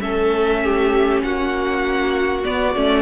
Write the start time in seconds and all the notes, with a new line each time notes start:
0.00 A3 C#4 A4 E5
0.64 G4
1.22 A#3 F#4 F#5
2.44 B3 D5
2.76 A3 C#4